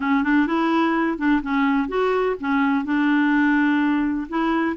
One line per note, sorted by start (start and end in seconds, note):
0.00 0.23 C#4
0.23 0.46 D4
0.46 1.18 E4
1.18 1.41 D4
1.42 1.88 C#4
1.88 2.35 F#4
2.40 2.84 C#4
2.84 4.27 D4
4.29 4.76 E4